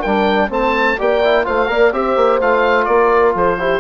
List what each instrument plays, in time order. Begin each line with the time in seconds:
0.00 bassoon G3, trombone D4, horn A#4, oboe G5
0.50 bassoon A3, trombone C4, horn C5, oboe A5
0.98 bassoon A#3, trombone G4, horn D5, oboe G5
1.24 trombone E4
1.45 bassoon A3, trombone F4, horn C5, oboe F5
1.67 bassoon A#3, trombone A#4, horn D5
1.93 bassoon C4, trombone G4, horn C5, oboe E5
2.17 bassoon A#3
2.41 bassoon A3, trombone F4, oboe F5
2.85 bassoon A#3, horn A#4, oboe D5
3.35 bassoon F3, horn A4, oboe C5
3.59 trombone E4, horn G4